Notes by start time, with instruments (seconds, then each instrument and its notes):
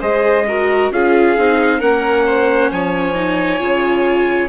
0.00 bassoon G#3, viola G#4, violin C5, trumpet D#5
0.48 viola F#4, violin A#4
0.90 bassoon C#4, viola F4, violin G#4, trumpet F5
1.37 bassoon C4, viola D#4
1.79 bassoon A#3, viola C#4, violin A#4, trumpet F#5
2.26 violin C5
2.70 bassoon F3, violin C#5, trumpet G#5
3.14 viola D#4
3.59 bassoon C#3, viola F4